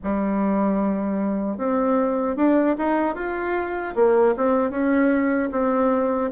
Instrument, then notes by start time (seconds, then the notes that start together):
bassoon
0.03 G3
1.57 C4
2.36 D4
2.77 D#4
3.15 F4
3.95 A#3
4.36 C4
4.70 C#4
5.51 C4